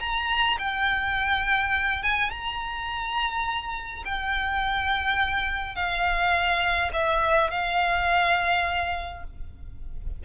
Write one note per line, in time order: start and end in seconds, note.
0.00 0.58 A#5
0.59 2.03 G5
2.03 2.31 G#5
2.31 4.04 A#5
4.05 5.76 G5
5.76 6.91 F5
6.93 7.51 E5
7.51 9.24 F5